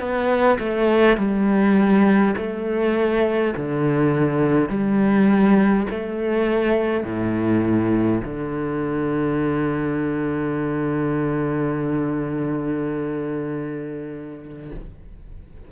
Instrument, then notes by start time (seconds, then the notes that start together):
cello
0.00 B3
0.59 A3
1.18 G3
2.37 A3
3.57 D3
4.70 G3
5.91 A3
7.04 A2
8.25 D3